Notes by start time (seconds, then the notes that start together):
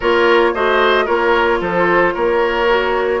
0.00 A#3 F4 A#4 C#5
0.53 A3 F#4 C5 D#5
1.05 A#3 F4 A#4 C#5
1.60 F3 A4 C5
2.14 A#3 A#4 C#5
2.68 F#4